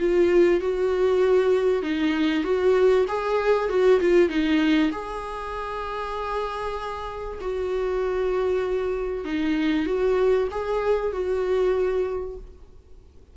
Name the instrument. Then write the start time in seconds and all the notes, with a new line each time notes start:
viola
0.00 F4
0.61 F#4
1.83 D#4
2.44 F#4
3.08 G#4
3.70 F#4
4.01 F4
4.30 D#4
4.92 G#4
7.41 F#4
9.26 D#4
9.87 F#4
10.52 G#4
11.13 F#4